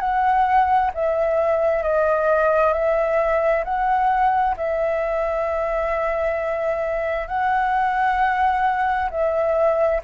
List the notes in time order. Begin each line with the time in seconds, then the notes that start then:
0.00 F#5
0.94 E5
1.83 D#5
2.73 E5
3.64 F#5
4.57 E5
7.28 F#5
9.10 E5